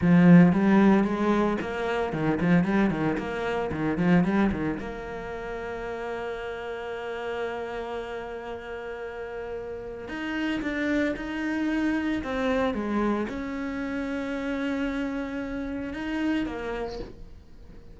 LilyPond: \new Staff \with { instrumentName = "cello" } { \time 4/4 \tempo 4 = 113 f4 g4 gis4 ais4 | dis8 f8 g8 dis8 ais4 dis8 f8 | g8 dis8 ais2.~ | ais1~ |
ais2. dis'4 | d'4 dis'2 c'4 | gis4 cis'2.~ | cis'2 dis'4 ais4 | }